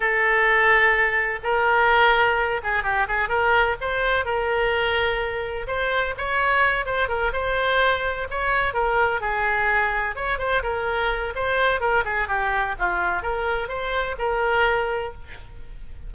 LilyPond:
\new Staff \with { instrumentName = "oboe" } { \time 4/4 \tempo 4 = 127 a'2. ais'4~ | ais'4. gis'8 g'8 gis'8 ais'4 | c''4 ais'2. | c''4 cis''4. c''8 ais'8 c''8~ |
c''4. cis''4 ais'4 gis'8~ | gis'4. cis''8 c''8 ais'4. | c''4 ais'8 gis'8 g'4 f'4 | ais'4 c''4 ais'2 | }